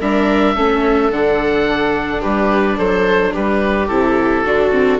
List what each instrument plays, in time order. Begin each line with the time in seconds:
0.00 bassoon G3, viola D4 A#4, oboe E5
0.55 bassoon A3, viola C#4 A4
1.10 bassoon D3, viola D4, oboe F#5
2.20 bassoon G3, viola G4, oboe B4
2.77 bassoon F#3, viola A4, oboe C5
3.33 bassoon G3, viola G4, oboe B4
3.87 bassoon C3, viola E4, oboe A4
4.44 bassoon D3, viola D4 F#4
4.71 viola C4